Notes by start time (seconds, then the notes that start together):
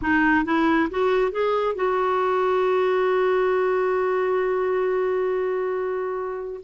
0.01 D#4
0.45 E4
0.90 F#4
1.31 G#4
1.75 F#4